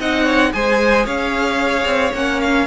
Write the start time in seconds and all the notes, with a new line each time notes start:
0.00 C4 D#4 D#5 F#5
0.24 C#5
0.53 G#3 G#4 C5 G#5
1.06 C#4 C#5 F5
1.85 C4
2.14 A#3 C#4 F#5
2.41 F5